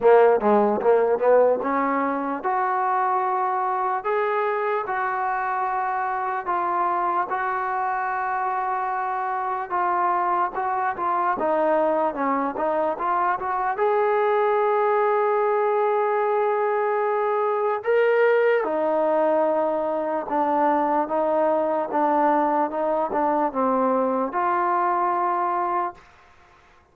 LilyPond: \new Staff \with { instrumentName = "trombone" } { \time 4/4 \tempo 4 = 74 ais8 gis8 ais8 b8 cis'4 fis'4~ | fis'4 gis'4 fis'2 | f'4 fis'2. | f'4 fis'8 f'8 dis'4 cis'8 dis'8 |
f'8 fis'8 gis'2.~ | gis'2 ais'4 dis'4~ | dis'4 d'4 dis'4 d'4 | dis'8 d'8 c'4 f'2 | }